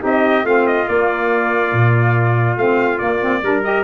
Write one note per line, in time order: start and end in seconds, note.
0.00 0.44 C4
0.00 0.43 D#4
0.00 0.45 G4
0.00 0.46 D#5
0.44 0.86 A3
0.44 0.86 C4
0.44 3.43 F4
0.44 0.67 F5
0.67 0.88 D#5
0.86 2.56 A#3
0.86 1.72 A#3
0.86 2.57 D5
1.72 2.57 A#2
2.57 2.99 A3
2.57 2.99 C4
2.57 2.98 F5
2.98 3.20 A#3
2.98 3.42 A#3
2.98 3.62 D5
3.21 3.43 C4
3.42 3.84 G3
3.42 3.63 D4
3.42 3.84 A#4
3.63 3.84 G4
3.63 3.84 D#5